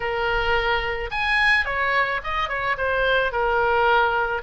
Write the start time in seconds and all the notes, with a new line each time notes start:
0.00 A#4
1.10 G#5
1.65 C#5
2.23 D#5
2.48 C#5
2.77 C5
3.32 A#4